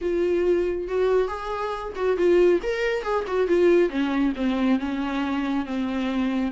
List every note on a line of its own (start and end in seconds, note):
0.01 0.88 F4
0.88 1.28 F#4
1.28 1.93 G#4
1.95 2.17 F#4
2.17 2.60 F4
2.62 3.02 A#4
3.02 3.24 G#4
3.27 3.47 F#4
3.47 3.89 F4
3.89 4.33 C#4
4.36 4.79 C4
4.79 5.65 C#4
5.65 6.51 C4